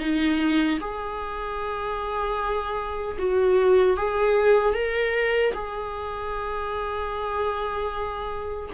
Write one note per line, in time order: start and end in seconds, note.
0.00 0.79 D#4
0.81 3.18 G#4
3.19 3.97 F#4
3.97 4.74 G#4
4.74 5.53 A#4
5.54 8.70 G#4